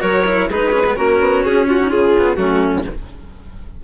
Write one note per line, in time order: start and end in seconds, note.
0.00 0.49 F#3
0.00 0.24 F#4
0.00 0.48 A#4
0.00 0.48 C#5
0.26 0.49 E4
0.49 0.96 G#3
0.49 0.72 D#4
0.49 0.96 G#4
0.49 0.96 B4
0.72 0.83 C#4
0.86 0.96 B3
0.96 1.20 A#3
0.96 2.14 C#4
0.96 1.67 F#4
0.96 1.43 A#4
1.20 1.43 B3
1.44 1.92 C#4
1.44 1.68 G#4
1.67 1.79 F4
1.67 1.90 F#4
1.80 1.89 D#4
1.89 2.37 C#3
1.89 2.36 F4
1.89 2.36 G#4
2.18 2.37 B3
2.36 2.84 F#3
2.36 2.84 A3
2.36 2.84 C#4
2.36 2.83 F#4